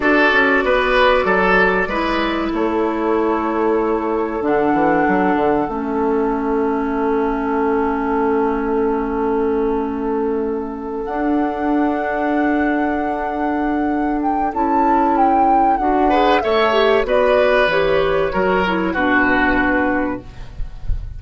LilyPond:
<<
  \new Staff \with { instrumentName = "flute" } { \time 4/4 \tempo 4 = 95 d''1 | cis''2. fis''4~ | fis''4 e''2.~ | e''1~ |
e''4. fis''2~ fis''8~ | fis''2~ fis''8 g''8 a''4 | g''4 fis''4 e''4 d''4 | cis''2 b'2 | }
  \new Staff \with { instrumentName = "oboe" } { \time 4/4 a'4 b'4 a'4 b'4 | a'1~ | a'1~ | a'1~ |
a'1~ | a'1~ | a'4. b'8 cis''4 b'4~ | b'4 ais'4 fis'2 | }
  \new Staff \with { instrumentName = "clarinet" } { \time 4/4 fis'2. e'4~ | e'2. d'4~ | d'4 cis'2.~ | cis'1~ |
cis'4. d'2~ d'8~ | d'2. e'4~ | e'4 fis'8 gis'8 a'8 g'8 fis'4 | g'4 fis'8 e'8 d'2 | }
  \new Staff \with { instrumentName = "bassoon" } { \time 4/4 d'8 cis'8 b4 fis4 gis4 | a2. d8 e8 | fis8 d8 a2.~ | a1~ |
a4. d'2~ d'8~ | d'2. cis'4~ | cis'4 d'4 a4 b4 | e4 fis4 b,2 | }
>>